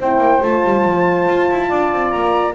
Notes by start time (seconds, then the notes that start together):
0.00 C4 E4 C5 G5
0.18 A#3
0.43 A3 F4 A5
0.65 G3
0.85 F3
1.29 F4
1.52 E4
1.69 D4 D5
1.93 C4
2.11 A#3 A#5